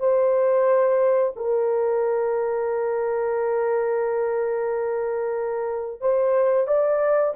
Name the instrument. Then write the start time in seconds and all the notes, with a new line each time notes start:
horn
0.00 C5
1.36 A#4
6.01 C5
6.68 D5